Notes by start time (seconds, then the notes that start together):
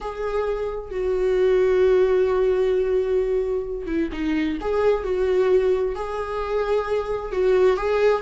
0.01 G#4
0.90 F#4
3.86 E4
4.12 D#4
4.60 G#4
5.03 F#4
5.95 G#4
7.32 F#4
7.76 G#4